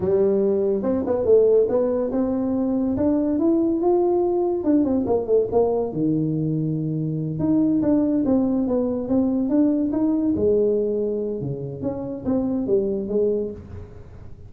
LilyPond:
\new Staff \with { instrumentName = "tuba" } { \time 4/4 \tempo 4 = 142 g2 c'8 b8 a4 | b4 c'2 d'4 | e'4 f'2 d'8 c'8 | ais8 a8 ais4 dis2~ |
dis4. dis'4 d'4 c'8~ | c'8 b4 c'4 d'4 dis'8~ | dis'8 gis2~ gis8 cis4 | cis'4 c'4 g4 gis4 | }